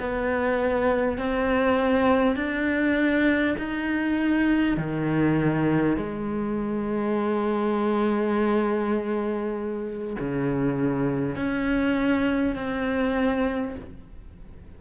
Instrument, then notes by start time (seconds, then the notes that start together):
cello
0.00 B3
1.18 C4
2.36 D4
3.59 D#4
4.77 D#3
5.97 G#3
10.20 C#3
11.36 C#4
12.56 C4